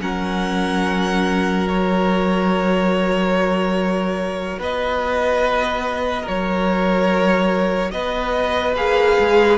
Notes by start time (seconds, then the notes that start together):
0.00 F#3 C#4 A#4 F#5
1.67 F#4 C#5
4.59 B3 B4 D#5
6.23 F#3 A#4 C#5
7.91 B3 B4 D#5
8.75 A#3 G#4 F5
9.20 G#3